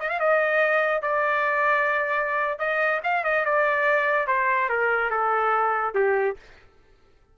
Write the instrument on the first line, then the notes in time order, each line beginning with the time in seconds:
trumpet
0.00 D#5
0.10 F5
0.20 D#5
1.03 D5
2.60 D#5
3.04 F5
3.25 D#5
3.46 D5
4.28 C5
4.70 A#4
5.11 A4
5.95 G4